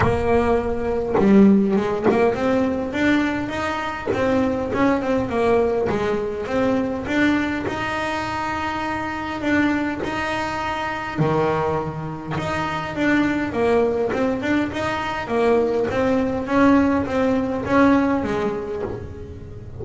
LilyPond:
\new Staff \with { instrumentName = "double bass" } { \time 4/4 \tempo 4 = 102 ais2 g4 gis8 ais8 | c'4 d'4 dis'4 c'4 | cis'8 c'8 ais4 gis4 c'4 | d'4 dis'2. |
d'4 dis'2 dis4~ | dis4 dis'4 d'4 ais4 | c'8 d'8 dis'4 ais4 c'4 | cis'4 c'4 cis'4 gis4 | }